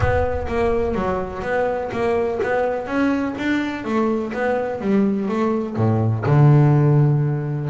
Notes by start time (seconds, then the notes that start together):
0.00 B3
0.47 A#3
0.94 F#3
1.42 B3
1.92 A#3
2.43 B3
2.86 C#4
3.38 D4
3.84 A3
4.33 B3
4.80 G3
5.28 A3
5.76 A2
6.25 D3